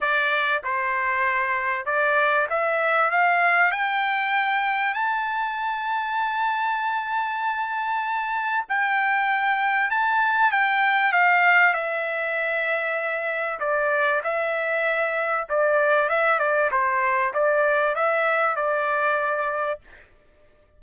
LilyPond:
\new Staff \with { instrumentName = "trumpet" } { \time 4/4 \tempo 4 = 97 d''4 c''2 d''4 | e''4 f''4 g''2 | a''1~ | a''2 g''2 |
a''4 g''4 f''4 e''4~ | e''2 d''4 e''4~ | e''4 d''4 e''8 d''8 c''4 | d''4 e''4 d''2 | }